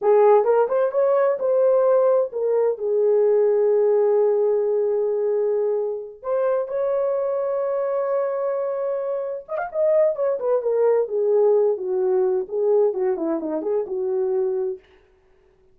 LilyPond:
\new Staff \with { instrumentName = "horn" } { \time 4/4 \tempo 4 = 130 gis'4 ais'8 c''8 cis''4 c''4~ | c''4 ais'4 gis'2~ | gis'1~ | gis'4. c''4 cis''4.~ |
cis''1~ | cis''8 dis''16 f''16 dis''4 cis''8 b'8 ais'4 | gis'4. fis'4. gis'4 | fis'8 e'8 dis'8 gis'8 fis'2 | }